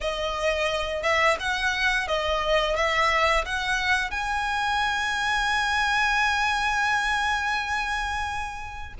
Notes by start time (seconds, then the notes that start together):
0.00 D#5
1.03 E5
1.39 F#5
2.07 D#5
2.76 E5
3.45 F#5
4.10 G#5